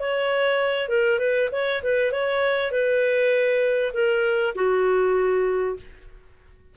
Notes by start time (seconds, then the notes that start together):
0.00 C#5
0.89 A#4
1.19 B4
1.52 C#5
1.83 B4
2.12 C#5
2.71 B4
3.94 A#4
4.55 F#4